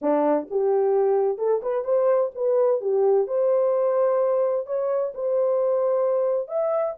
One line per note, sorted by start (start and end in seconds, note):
0.01 0.48 D4
0.50 1.38 G4
1.38 1.61 A4
1.62 1.84 B4
1.84 2.30 C5
2.34 2.80 B4
2.80 3.27 G4
3.27 4.66 C5
4.66 5.13 C#5
5.14 6.48 C5
6.48 6.94 E5